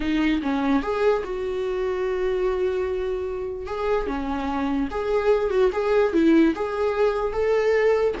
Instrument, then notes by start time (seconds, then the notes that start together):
viola
0.00 D#4
0.42 C#4
0.82 G#4
1.24 F#4
3.66 G#4
4.06 C#4
4.90 G#4
5.50 F#4
5.72 G#4
6.13 E4
6.55 G#4
7.32 A4